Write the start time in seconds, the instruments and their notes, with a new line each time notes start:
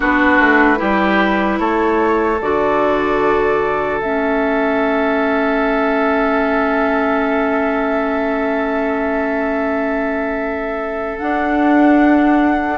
0.00 bassoon B3, clarinet D4, oboe F#4, flute B4
0.39 bassoon A3
0.76 bassoon G3, clarinet E4, oboe G4
1.59 bassoon A3, oboe A4, flute C#5
2.41 bassoon D3, clarinet F#4, flute D5
4.00 bassoon A3, clarinet C#4, flute E5
11.18 clarinet D4, bassoon D4, flute F#5